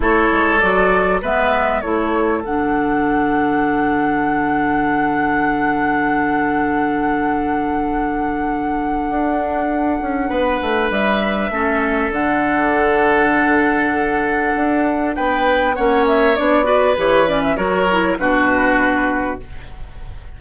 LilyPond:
<<
  \new Staff \with { instrumentName = "flute" } { \time 4/4 \tempo 4 = 99 cis''4 d''4 e''4 cis''4 | fis''1~ | fis''1~ | fis''1~ |
fis''2 e''2 | fis''1~ | fis''4 g''4 fis''8 e''8 d''4 | cis''8 d''16 e''16 cis''4 b'2 | }
  \new Staff \with { instrumentName = "oboe" } { \time 4/4 a'2 b'4 a'4~ | a'1~ | a'1~ | a'1~ |
a'4 b'2 a'4~ | a'1~ | a'4 b'4 cis''4. b'8~ | b'4 ais'4 fis'2 | }
  \new Staff \with { instrumentName = "clarinet" } { \time 4/4 e'4 fis'4 b4 e'4 | d'1~ | d'1~ | d'1~ |
d'2. cis'4 | d'1~ | d'2 cis'4 d'8 fis'8 | g'8 cis'8 fis'8 e'8 d'2 | }
  \new Staff \with { instrumentName = "bassoon" } { \time 4/4 a8 gis8 fis4 gis4 a4 | d1~ | d1~ | d2. d'4~ |
d'8 cis'8 b8 a8 g4 a4 | d1 | d'4 b4 ais4 b4 | e4 fis4 b,2 | }
>>